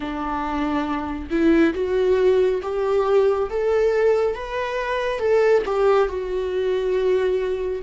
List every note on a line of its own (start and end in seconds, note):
0.00 1.29 D4
1.30 1.74 E4
1.74 2.61 F#4
2.62 3.49 G4
3.49 4.34 A4
4.34 5.19 B4
5.19 5.62 A4
5.65 6.08 G4
6.08 7.82 F#4